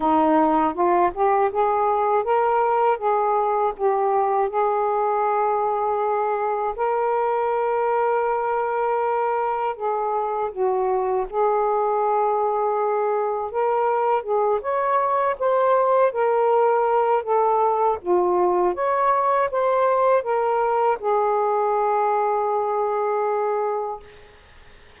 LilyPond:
\new Staff \with { instrumentName = "saxophone" } { \time 4/4 \tempo 4 = 80 dis'4 f'8 g'8 gis'4 ais'4 | gis'4 g'4 gis'2~ | gis'4 ais'2.~ | ais'4 gis'4 fis'4 gis'4~ |
gis'2 ais'4 gis'8 cis''8~ | cis''8 c''4 ais'4. a'4 | f'4 cis''4 c''4 ais'4 | gis'1 | }